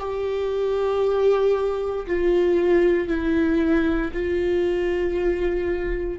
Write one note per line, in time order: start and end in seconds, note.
0.00 2.07 G4
2.07 3.08 F4
3.08 4.12 E4
4.13 6.20 F4